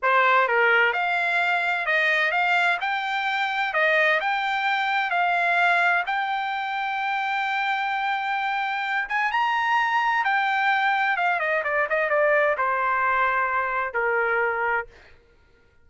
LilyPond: \new Staff \with { instrumentName = "trumpet" } { \time 4/4 \tempo 4 = 129 c''4 ais'4 f''2 | dis''4 f''4 g''2 | dis''4 g''2 f''4~ | f''4 g''2.~ |
g''2.~ g''8 gis''8 | ais''2 g''2 | f''8 dis''8 d''8 dis''8 d''4 c''4~ | c''2 ais'2 | }